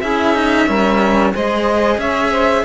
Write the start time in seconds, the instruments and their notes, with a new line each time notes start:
0.00 cello C#4 E4, saxophone G#4, violin E5
0.34 cello D#4
0.67 cello G3 C#4, saxophone A#4
1.34 cello G#3 G#4, saxophone C5, violin D#5
1.98 cello C#4, saxophone C#5, violin E5
2.31 saxophone C5